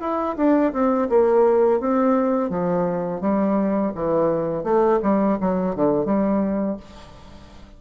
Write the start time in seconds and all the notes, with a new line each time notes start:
0.00 E4
0.37 D4
0.73 C4
1.09 A#3
1.80 C4
2.50 F3
3.21 G3
3.95 E3
4.64 A3
5.03 G3
5.41 F#3
5.75 D3
6.05 G3